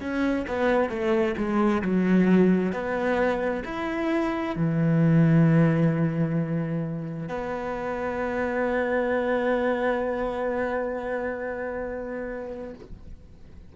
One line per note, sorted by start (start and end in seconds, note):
0.00 0.45 C#4
0.47 0.89 B3
0.89 1.34 A3
1.37 1.82 G#3
1.82 2.72 F#3
2.72 3.63 B3
3.64 4.55 E4
4.55 7.28 E3
7.28 12.73 B3